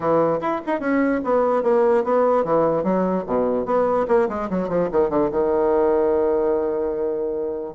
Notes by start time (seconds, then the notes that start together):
0.00 E3
0.40 E4
0.66 D#4
0.80 C#4
1.24 B3
1.63 A#3
2.03 B3
2.44 E3
2.83 F#3
3.26 B2
3.65 B3
4.08 A#3
4.29 G#3
4.49 F#3
4.68 F3
4.91 D#3
5.09 D3
5.31 D#3